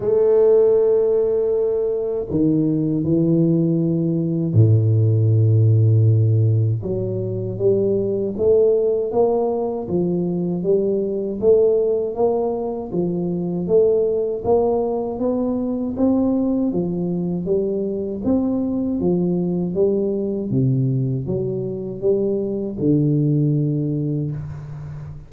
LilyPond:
\new Staff \with { instrumentName = "tuba" } { \time 4/4 \tempo 4 = 79 a2. dis4 | e2 a,2~ | a,4 fis4 g4 a4 | ais4 f4 g4 a4 |
ais4 f4 a4 ais4 | b4 c'4 f4 g4 | c'4 f4 g4 c4 | fis4 g4 d2 | }